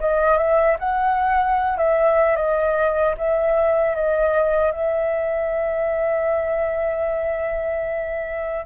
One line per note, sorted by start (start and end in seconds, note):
0.00 0.38 D#5
0.38 0.77 E5
0.79 1.78 F#5
1.78 2.36 E5
2.36 3.15 D#5
3.18 3.95 E5
3.95 4.72 D#5
4.72 8.66 E5